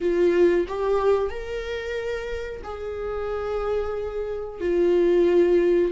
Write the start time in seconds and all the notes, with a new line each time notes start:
0.00 F4
0.67 G4
1.29 A#4
2.63 G#4
4.60 F4